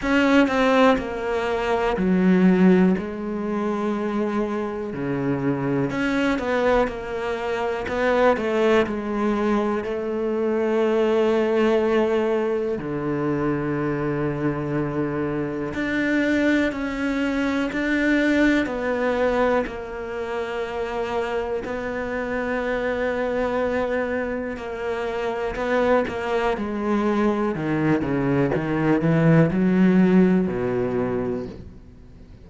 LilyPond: \new Staff \with { instrumentName = "cello" } { \time 4/4 \tempo 4 = 61 cis'8 c'8 ais4 fis4 gis4~ | gis4 cis4 cis'8 b8 ais4 | b8 a8 gis4 a2~ | a4 d2. |
d'4 cis'4 d'4 b4 | ais2 b2~ | b4 ais4 b8 ais8 gis4 | dis8 cis8 dis8 e8 fis4 b,4 | }